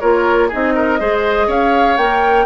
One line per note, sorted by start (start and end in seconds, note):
0.00 0.52 A#3
0.00 0.50 F4
0.00 0.48 A#4
0.00 0.49 C#5
0.48 0.99 D#4
0.48 0.73 G#4
0.48 1.51 D#5
0.55 1.00 C4
0.75 0.99 A#4
0.99 1.47 G#3
0.99 1.97 G#4
0.99 1.47 C5
1.47 1.97 C#4
1.47 2.45 C#5
1.47 1.97 F5
1.97 2.46 A#3
1.97 2.46 A#4
1.97 2.46 G5